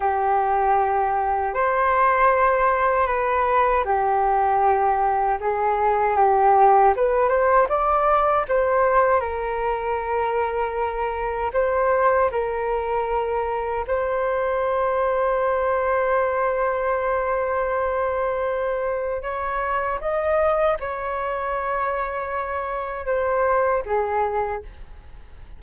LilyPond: \new Staff \with { instrumentName = "flute" } { \time 4/4 \tempo 4 = 78 g'2 c''2 | b'4 g'2 gis'4 | g'4 b'8 c''8 d''4 c''4 | ais'2. c''4 |
ais'2 c''2~ | c''1~ | c''4 cis''4 dis''4 cis''4~ | cis''2 c''4 gis'4 | }